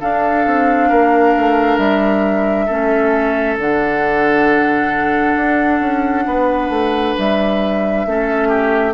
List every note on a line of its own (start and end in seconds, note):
0.00 2.69 D4
0.00 0.46 D4
0.00 0.89 A4
0.00 1.78 F5
0.46 0.91 C4
0.89 1.36 A#3
0.89 2.66 A#4
1.37 1.78 A3
1.78 2.68 G3
1.78 3.57 E5
2.66 3.58 A3
2.66 3.59 C#4
2.66 6.24 A4
3.58 5.36 D3
3.58 8.08 D4
3.58 7.17 F#5
5.36 5.81 D4
5.81 6.25 C#4
6.26 6.70 B3
6.26 8.06 B4
6.70 7.14 A3
7.17 8.06 G3
7.17 8.94 E5
8.06 8.94 A3
8.06 8.94 C#4
8.06 8.49 A4
8.49 8.93 G4